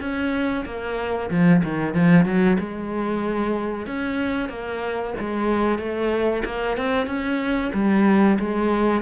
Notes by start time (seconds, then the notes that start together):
0.00 C#4
0.65 A#3
1.30 F3
1.64 D#3
1.94 F3
2.25 F#3
2.59 G#3
3.87 C#4
4.49 A#3
5.20 G#3
5.79 A3
6.45 A#3
6.77 C4
7.07 C#4
7.74 G3
8.39 G#3